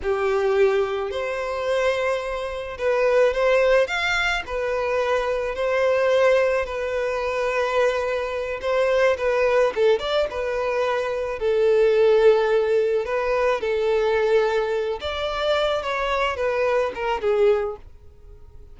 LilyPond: \new Staff \with { instrumentName = "violin" } { \time 4/4 \tempo 4 = 108 g'2 c''2~ | c''4 b'4 c''4 f''4 | b'2 c''2 | b'2.~ b'8 c''8~ |
c''8 b'4 a'8 d''8 b'4.~ | b'8 a'2. b'8~ | b'8 a'2~ a'8 d''4~ | d''8 cis''4 b'4 ais'8 gis'4 | }